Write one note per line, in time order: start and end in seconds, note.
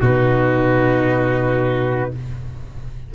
0.00 2.12 B2
0.00 2.12 D#4
0.00 2.11 F#4
0.00 2.14 B4